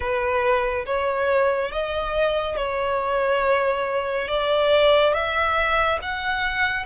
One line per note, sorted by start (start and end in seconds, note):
0.00 0.85 B4
0.85 1.71 C#5
1.71 2.56 D#5
2.56 4.27 C#5
4.28 5.13 D5
5.13 5.99 E5
6.02 6.86 F#5